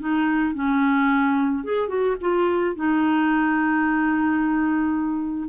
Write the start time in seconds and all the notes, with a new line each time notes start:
0.00 D#4
0.55 C#4
1.64 G#4
1.89 F#4
2.21 F4
2.76 D#4